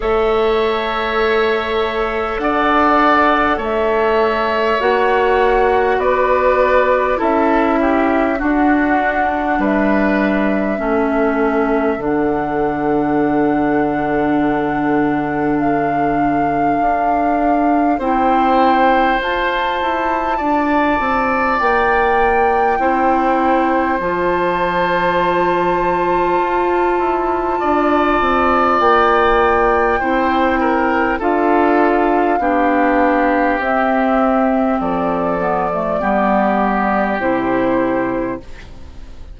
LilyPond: <<
  \new Staff \with { instrumentName = "flute" } { \time 4/4 \tempo 4 = 50 e''2 fis''4 e''4 | fis''4 d''4 e''4 fis''4 | e''2 fis''2~ | fis''4 f''2 g''4 |
a''2 g''2 | a''1 | g''2 f''2 | e''4 d''2 c''4 | }
  \new Staff \with { instrumentName = "oboe" } { \time 4/4 cis''2 d''4 cis''4~ | cis''4 b'4 a'8 g'8 fis'4 | b'4 a'2.~ | a'2. c''4~ |
c''4 d''2 c''4~ | c''2. d''4~ | d''4 c''8 ais'8 a'4 g'4~ | g'4 a'4 g'2 | }
  \new Staff \with { instrumentName = "clarinet" } { \time 4/4 a'1 | fis'2 e'4 d'4~ | d'4 cis'4 d'2~ | d'2. e'4 |
f'2. e'4 | f'1~ | f'4 e'4 f'4 d'4 | c'4. b16 a16 b4 e'4 | }
  \new Staff \with { instrumentName = "bassoon" } { \time 4/4 a2 d'4 a4 | ais4 b4 cis'4 d'4 | g4 a4 d2~ | d2 d'4 c'4 |
f'8 e'8 d'8 c'8 ais4 c'4 | f2 f'8 e'8 d'8 c'8 | ais4 c'4 d'4 b4 | c'4 f4 g4 c4 | }
>>